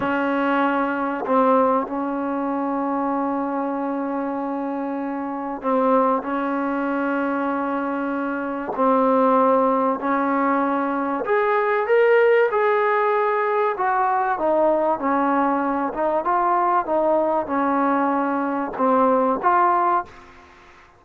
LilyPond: \new Staff \with { instrumentName = "trombone" } { \time 4/4 \tempo 4 = 96 cis'2 c'4 cis'4~ | cis'1~ | cis'4 c'4 cis'2~ | cis'2 c'2 |
cis'2 gis'4 ais'4 | gis'2 fis'4 dis'4 | cis'4. dis'8 f'4 dis'4 | cis'2 c'4 f'4 | }